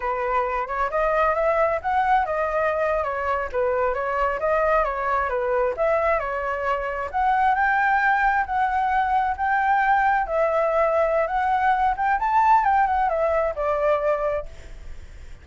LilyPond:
\new Staff \with { instrumentName = "flute" } { \time 4/4 \tempo 4 = 133 b'4. cis''8 dis''4 e''4 | fis''4 dis''4.~ dis''16 cis''4 b'16~ | b'8. cis''4 dis''4 cis''4 b'16~ | b'8. e''4 cis''2 fis''16~ |
fis''8. g''2 fis''4~ fis''16~ | fis''8. g''2 e''4~ e''16~ | e''4 fis''4. g''8 a''4 | g''8 fis''8 e''4 d''2 | }